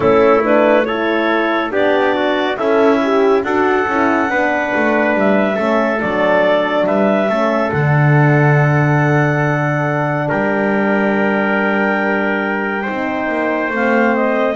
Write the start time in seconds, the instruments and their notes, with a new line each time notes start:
0.00 double bass A3, horn C#4, trumpet E4, clarinet A4
0.44 horn D4, clarinet B4
0.85 horn E4, trumpet A4, clarinet C#5
1.70 double bass B3, horn D4, trumpet G4, clarinet D5
2.14 trumpet F#4
2.56 double bass C#4, trumpet E4, horn A4, clarinet E5
3.03 horn G4
3.43 double bass D4, horn F#4, trumpet A4, clarinet F#5
3.87 double bass C#4, horn E4
4.27 double bass B3, horn D4, trumpet B4
4.75 double bass A3
5.14 double bass G3, clarinet E5
5.55 double bass A3, horn C#4, trumpet A4
6.00 double bass F#3, horn D4, clarinet D5
6.86 double bass G3, trumpet B4, clarinet E5
7.29 double bass A3, horn C#4, trumpet A4
7.71 double bass D3, horn D4, clarinet F#5
10.29 double bass G3, trumpet A#4, clarinet G5
12.82 horn D#4, trumpet C5
12.89 double bass C4
13.28 double bass A#3
13.69 double bass A3, horn C4, clarinet F5
14.15 clarinet D#5